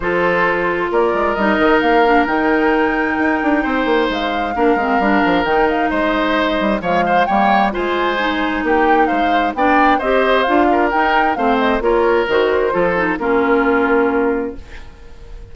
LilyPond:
<<
  \new Staff \with { instrumentName = "flute" } { \time 4/4 \tempo 4 = 132 c''2 d''4 dis''4 | f''4 g''2.~ | g''4 f''2. | g''8 f''8 dis''2 f''4 |
g''4 gis''2 g''4 | f''4 g''4 dis''4 f''4 | g''4 f''8 dis''8 cis''4 c''4~ | c''4 ais'2. | }
  \new Staff \with { instrumentName = "oboe" } { \time 4/4 a'2 ais'2~ | ais'1 | c''2 ais'2~ | ais'4 c''2 cis''8 c''8 |
cis''4 c''2 g'4 | c''4 d''4 c''4. ais'8~ | ais'4 c''4 ais'2 | a'4 f'2. | }
  \new Staff \with { instrumentName = "clarinet" } { \time 4/4 f'2. dis'4~ | dis'8 d'8 dis'2.~ | dis'2 d'8 c'8 d'4 | dis'2. gis4 |
ais4 f'4 dis'2~ | dis'4 d'4 g'4 f'4 | dis'4 c'4 f'4 fis'4 | f'8 dis'8 cis'2. | }
  \new Staff \with { instrumentName = "bassoon" } { \time 4/4 f2 ais8 gis8 g8 dis8 | ais4 dis2 dis'8 d'8 | c'8 ais8 gis4 ais8 gis8 g8 f8 | dis4 gis4. g8 f4 |
g4 gis2 ais4 | gis4 b4 c'4 d'4 | dis'4 a4 ais4 dis4 | f4 ais2. | }
>>